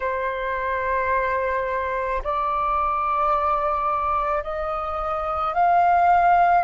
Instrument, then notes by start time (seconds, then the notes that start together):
flute
0.00 C5
2.23 D5
4.43 D#5
5.54 F5